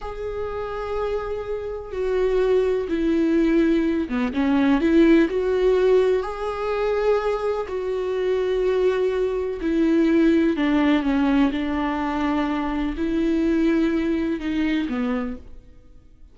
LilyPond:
\new Staff \with { instrumentName = "viola" } { \time 4/4 \tempo 4 = 125 gis'1 | fis'2 e'2~ | e'8 b8 cis'4 e'4 fis'4~ | fis'4 gis'2. |
fis'1 | e'2 d'4 cis'4 | d'2. e'4~ | e'2 dis'4 b4 | }